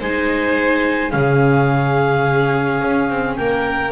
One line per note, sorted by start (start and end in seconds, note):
0.00 1.13 G#3
0.00 1.10 D#4
0.00 1.12 C5
0.00 1.11 G#5
1.10 2.82 C#3
1.10 3.91 C#4
1.10 3.38 G#4
1.10 3.36 F5
2.82 3.10 C#4
3.10 3.38 C4
3.36 3.93 A#3
3.36 3.93 A#4
3.36 3.92 G5